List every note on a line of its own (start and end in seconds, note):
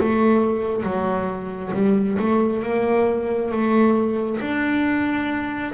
0.00 0.83 A3
0.83 1.72 F#3
1.74 2.18 G3
2.19 2.63 A3
2.64 3.52 A#3
3.52 4.40 A3
4.41 5.74 D4